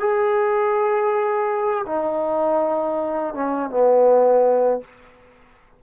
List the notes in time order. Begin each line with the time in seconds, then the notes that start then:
0.00 G#4
1.86 D#4
3.34 C#4
3.70 B3